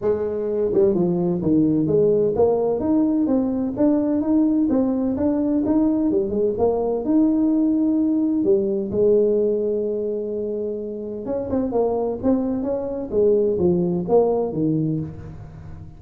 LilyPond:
\new Staff \with { instrumentName = "tuba" } { \time 4/4 \tempo 4 = 128 gis4. g8 f4 dis4 | gis4 ais4 dis'4 c'4 | d'4 dis'4 c'4 d'4 | dis'4 g8 gis8 ais4 dis'4~ |
dis'2 g4 gis4~ | gis1 | cis'8 c'8 ais4 c'4 cis'4 | gis4 f4 ais4 dis4 | }